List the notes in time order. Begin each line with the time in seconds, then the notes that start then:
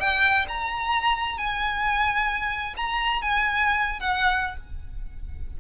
0.00 G5
0.48 A#5
1.38 G#5
2.77 A#5
3.22 G#5
4.00 F#5